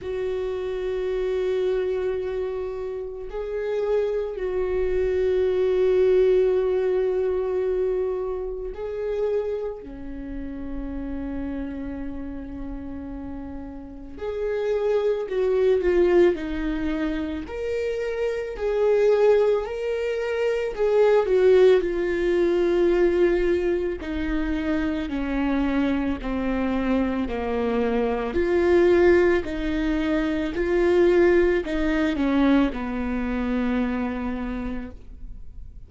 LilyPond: \new Staff \with { instrumentName = "viola" } { \time 4/4 \tempo 4 = 55 fis'2. gis'4 | fis'1 | gis'4 cis'2.~ | cis'4 gis'4 fis'8 f'8 dis'4 |
ais'4 gis'4 ais'4 gis'8 fis'8 | f'2 dis'4 cis'4 | c'4 ais4 f'4 dis'4 | f'4 dis'8 cis'8 b2 | }